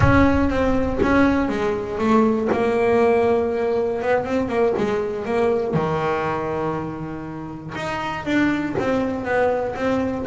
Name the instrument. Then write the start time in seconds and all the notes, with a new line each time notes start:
double bass
0.00 C#4
0.49 C4
1.02 C#4
1.49 G#3
1.98 A3
2.52 A#3
4.02 B3
4.25 C4
4.48 A#3
4.77 G#3
5.25 A#3
5.73 D#3
7.75 D#4
8.25 D4
8.79 C4
9.25 B3
9.75 C4